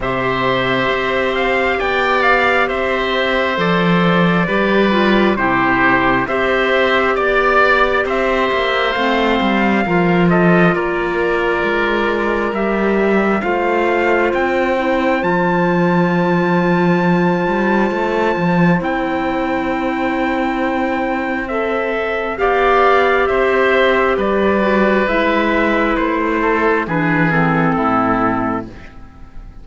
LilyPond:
<<
  \new Staff \with { instrumentName = "trumpet" } { \time 4/4 \tempo 4 = 67 e''4. f''8 g''8 f''8 e''4 | d''2 c''4 e''4 | d''4 e''4 f''4. dis''8 | d''2 e''4 f''4 |
g''4 a''2.~ | a''4 g''2. | e''4 f''4 e''4 d''4 | e''4 c''4 b'8 a'4. | }
  \new Staff \with { instrumentName = "oboe" } { \time 4/4 c''2 d''4 c''4~ | c''4 b'4 g'4 c''4 | d''4 c''2 ais'8 a'8 | ais'2. c''4~ |
c''1~ | c''1~ | c''4 d''4 c''4 b'4~ | b'4. a'8 gis'4 e'4 | }
  \new Staff \with { instrumentName = "clarinet" } { \time 4/4 g'1 | a'4 g'8 f'8 e'4 g'4~ | g'2 c'4 f'4~ | f'2 g'4 f'4~ |
f'8 e'8 f'2.~ | f'4 e'2. | a'4 g'2~ g'8 fis'8 | e'2 d'8 c'4. | }
  \new Staff \with { instrumentName = "cello" } { \time 4/4 c4 c'4 b4 c'4 | f4 g4 c4 c'4 | b4 c'8 ais8 a8 g8 f4 | ais4 gis4 g4 a4 |
c'4 f2~ f8 g8 | a8 f8 c'2.~ | c'4 b4 c'4 g4 | gis4 a4 e4 a,4 | }
>>